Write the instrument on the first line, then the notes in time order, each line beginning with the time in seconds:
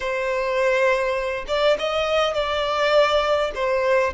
violin
0.00 C5
1.47 D5
1.78 D#5
2.33 D5
3.55 C5